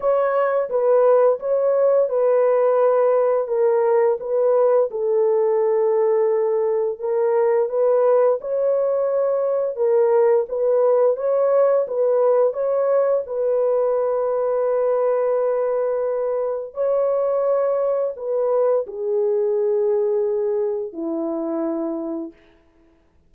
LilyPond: \new Staff \with { instrumentName = "horn" } { \time 4/4 \tempo 4 = 86 cis''4 b'4 cis''4 b'4~ | b'4 ais'4 b'4 a'4~ | a'2 ais'4 b'4 | cis''2 ais'4 b'4 |
cis''4 b'4 cis''4 b'4~ | b'1 | cis''2 b'4 gis'4~ | gis'2 e'2 | }